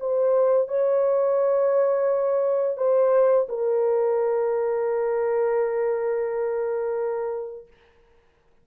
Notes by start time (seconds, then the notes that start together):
0.00 C5
0.68 C#5
2.77 C5
3.49 A#4